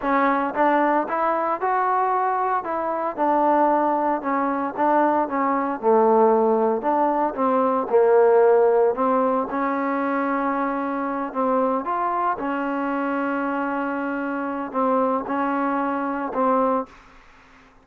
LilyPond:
\new Staff \with { instrumentName = "trombone" } { \time 4/4 \tempo 4 = 114 cis'4 d'4 e'4 fis'4~ | fis'4 e'4 d'2 | cis'4 d'4 cis'4 a4~ | a4 d'4 c'4 ais4~ |
ais4 c'4 cis'2~ | cis'4. c'4 f'4 cis'8~ | cis'1 | c'4 cis'2 c'4 | }